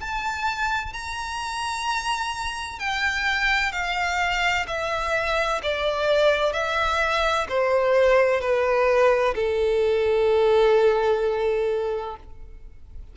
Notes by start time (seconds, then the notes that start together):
0.00 A5
0.93 A#5
2.79 G5
3.72 F5
4.67 E5
5.62 D5
6.53 E5
7.49 C5
8.41 B4
9.35 A4